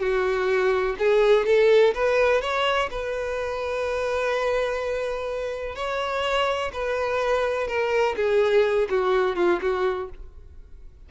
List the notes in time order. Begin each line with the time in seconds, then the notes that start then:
0.00 F#4
0.99 G#4
1.46 A4
1.94 B4
2.41 C#5
2.90 B4
5.75 C#5
6.73 B4
7.67 A#4
8.16 G#4
8.90 F#4
9.36 F4
9.61 F#4